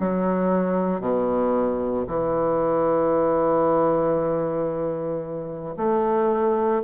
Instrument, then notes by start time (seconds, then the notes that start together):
bassoon
0.00 F#3
1.00 B2
2.07 E3
5.77 A3